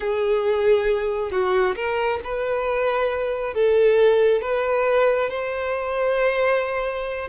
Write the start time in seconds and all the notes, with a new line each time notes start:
0.00 G#4
1.31 F#4
1.75 A#4
2.24 B4
3.54 A4
4.41 B4
5.29 C5